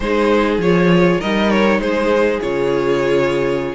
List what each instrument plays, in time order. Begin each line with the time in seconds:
0.00 cello G#3, viola D#4, violin G#4 C5
0.58 cello F3, viola F4, violin C#5
1.20 cello G3, viola D#4, violin A#4 D#5
1.50 violin C#5
1.79 cello G#3, violin G#4 C5
2.41 cello C#3, viola F4, violin C#5